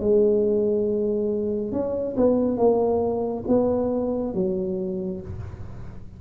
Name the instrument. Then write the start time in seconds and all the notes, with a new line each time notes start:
tuba
0.00 G#3
1.72 C#4
2.17 B3
2.57 A#3
3.47 B3
4.34 F#3